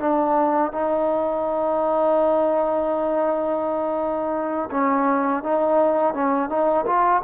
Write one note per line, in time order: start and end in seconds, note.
0.00 0.72 D4
0.72 4.70 D#4
4.71 5.43 C#4
5.43 6.14 D#4
6.14 6.49 C#4
6.49 6.85 D#4
6.86 7.23 F4